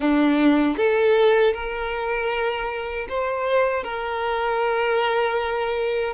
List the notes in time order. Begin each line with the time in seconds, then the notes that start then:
0.00 D4
0.77 A4
1.53 A#4
3.08 C5
3.83 A#4